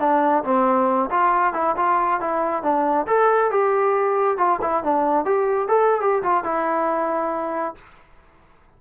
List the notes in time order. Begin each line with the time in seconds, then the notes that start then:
0.00 D4
0.44 C4
1.11 F4
1.54 E4
1.77 F4
2.21 E4
2.63 D4
3.07 A4
3.51 G4
4.38 F4
4.62 E4
4.84 D4
5.26 G4
5.69 A4
6.01 G4
6.23 F4
6.44 E4